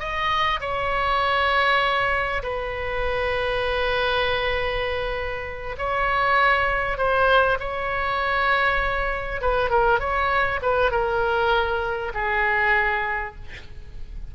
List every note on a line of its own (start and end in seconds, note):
0.00 0.61 D#5
0.61 2.43 C#5
2.43 5.76 B4
5.79 6.98 C#5
6.98 7.58 C5
7.60 9.42 C#5
9.42 9.71 B4
9.71 10.00 A#4
10.00 10.60 C#5
10.62 10.92 B4
10.92 12.13 A#4
12.15 13.36 G#4